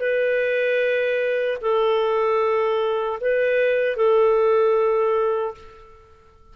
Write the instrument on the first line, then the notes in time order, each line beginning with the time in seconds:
clarinet
0.00 B4
1.61 A4
3.20 B4
3.97 A4